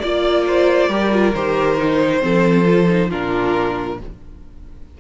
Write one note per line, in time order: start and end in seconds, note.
0.00 0.89 A#3
0.00 0.91 F4
0.00 0.44 D5
0.00 1.34 D5
0.47 0.90 C5
0.89 1.33 G3
0.89 1.11 G4
0.89 2.22 A#4
1.11 1.33 F4
1.34 2.23 D#3
1.34 1.78 G4
1.34 3.11 C5
1.78 2.21 D#4
2.21 3.12 F3
2.21 2.65 C4
2.21 3.10 A4
2.65 2.87 F4
2.88 3.10 D#4
3.10 4.01 A#2
3.10 3.99 D4
3.10 3.98 F4
3.10 4.00 A#4